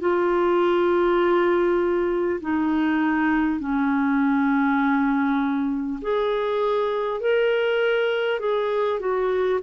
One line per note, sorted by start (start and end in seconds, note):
0.00 2.40 F4
2.41 3.59 D#4
3.59 5.99 C#4
6.01 7.20 G#4
7.20 8.39 A#4
8.39 8.99 G#4
8.99 9.59 F#4